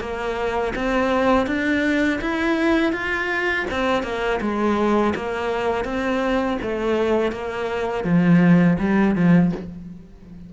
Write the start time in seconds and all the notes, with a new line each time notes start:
0.00 A#3
0.75 C4
1.46 D4
2.21 E4
2.92 F4
3.71 C4
4.03 A#3
4.40 G#3
5.15 A#3
5.84 C4
6.62 A3
7.32 A#3
8.04 F3
8.79 G3
9.15 F3